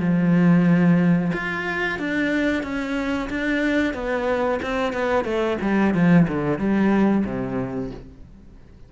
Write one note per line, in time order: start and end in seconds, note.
0.00 1.32 F3
1.33 1.99 F4
1.99 2.63 D4
2.63 3.29 C#4
3.30 3.94 D4
3.94 4.60 B3
4.62 4.93 C4
4.93 5.25 B3
5.25 5.58 A3
5.62 5.94 G3
5.94 6.27 F3
6.28 6.59 D3
6.59 7.25 G3
7.25 7.91 C3